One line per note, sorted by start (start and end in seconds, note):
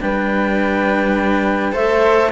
0.00 1.74 G3
0.00 1.72 D4
0.00 1.72 B4
0.00 1.75 G5
1.72 2.32 A3
1.72 2.30 A4
1.72 2.31 C5
1.72 2.32 E5